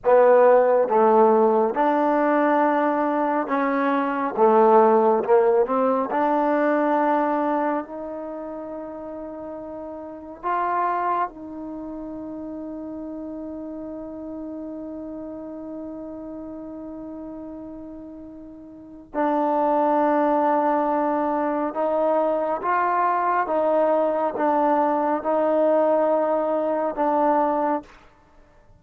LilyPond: \new Staff \with { instrumentName = "trombone" } { \time 4/4 \tempo 4 = 69 b4 a4 d'2 | cis'4 a4 ais8 c'8 d'4~ | d'4 dis'2. | f'4 dis'2.~ |
dis'1~ | dis'2 d'2~ | d'4 dis'4 f'4 dis'4 | d'4 dis'2 d'4 | }